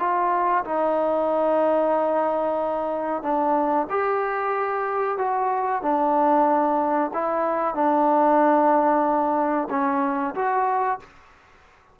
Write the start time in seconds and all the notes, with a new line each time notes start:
0.00 F4
0.65 D#4
3.23 D4
3.90 G4
5.18 F#4
5.82 D4
7.14 E4
7.75 D4
9.70 C#4
10.35 F#4